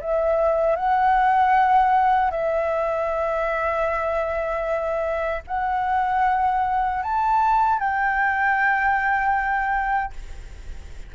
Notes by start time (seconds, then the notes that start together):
0.00 E5
0.76 F#5
2.31 E5
5.47 F#5
7.03 A5
7.79 G5